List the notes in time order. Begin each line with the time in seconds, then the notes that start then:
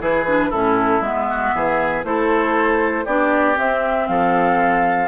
0.00 E3 E4 G#4 B4
0.27 D4
0.50 A2 C#4 E4 A4
1.01 G#3 B3 E5
1.30 F#4
1.56 E3 G#4
2.04 A3 E4 A4 C5
3.05 B3 D4 G4 D5
3.56 C4 E5
4.08 F3 A4 F5